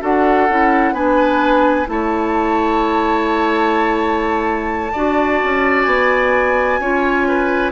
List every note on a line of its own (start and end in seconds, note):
0.00 0.49 D4
0.00 0.47 F#4
0.00 0.94 A4
0.00 0.93 F#5
0.48 0.92 C#4
0.48 0.94 E4
0.92 1.86 B3
0.92 1.86 D4
0.92 1.87 B4
0.92 1.87 G#5
1.86 4.93 A3
1.86 4.90 E4
1.86 4.92 C#5
1.86 5.82 A5
4.92 5.41 D4
4.92 6.81 F#4
4.92 6.80 D5
5.43 5.86 C#4
5.82 6.79 B3
5.82 7.70 G#5
6.79 7.71 C#4
6.79 7.71 F4
6.79 7.27 C#5
7.28 7.71 B4